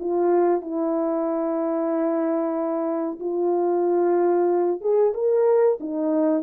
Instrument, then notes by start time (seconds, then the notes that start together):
horn
0.00 F4
0.61 E4
3.20 F4
4.81 G#4
5.14 A#4
5.80 D#4